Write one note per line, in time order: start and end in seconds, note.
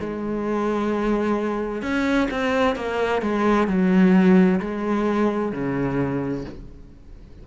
0.00 1.82 G#3
1.82 2.28 C#4
2.31 2.76 C4
2.76 3.22 A#3
3.22 3.68 G#3
3.68 4.60 F#3
4.60 5.52 G#3
5.52 6.44 C#3